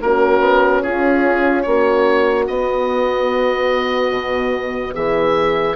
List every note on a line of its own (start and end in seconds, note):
0.00 0.40 A#3
0.00 2.48 C#4
0.00 0.83 F#4
0.00 0.82 A#4
0.40 0.81 B3
0.82 1.66 C#4
0.82 1.65 F4
0.82 1.62 G#4
1.62 2.48 A#3
1.62 4.94 F#4
1.62 2.44 C#5
2.47 4.11 B3
2.47 5.75 B3
2.47 4.94 D#5
4.11 4.93 B2
4.94 5.75 E3
4.94 5.75 G#4
4.94 5.75 E5